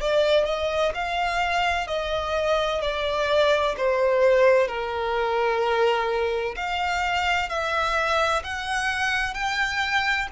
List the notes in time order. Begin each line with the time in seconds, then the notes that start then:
0.00 D5
0.45 D#5
0.95 F5
1.87 D#5
2.81 D5
3.77 C5
4.67 A#4
6.56 F5
7.49 E5
8.43 F#5
9.34 G5